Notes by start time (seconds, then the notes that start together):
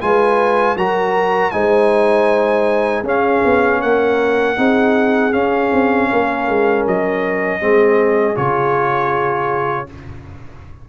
0.00 G#3 F4 B4 G#5
0.75 F#3 F#4 A#4 A#5
1.51 G#3 D#4 C5 G#5
3.03 C#4 G#4 F5
3.44 B3
3.81 A#3 A#4 F#5
4.56 C4 D#4 G#4
5.32 C#4 F5
5.72 C4
6.09 A#3 A#4
6.48 G#3
6.86 F#3 D#5
7.60 G#3 C4 G#4
8.34 C#3 F4 C#5